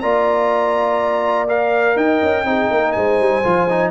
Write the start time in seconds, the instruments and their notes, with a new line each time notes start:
0.00 tuba A#3, trombone F4, horn D5, trumpet A#5
1.47 trombone A#4, trumpet F5
1.96 tuba D#4, horn D#5, trumpet G5
2.22 tuba C#4
2.44 tuba C4, trombone D#4, horn G#4
2.71 tuba A#3, horn A#4
2.92 tuba G#3, horn C5, trumpet G#5
3.20 tuba G3
3.43 tuba F3, trombone F4
3.69 trombone D#4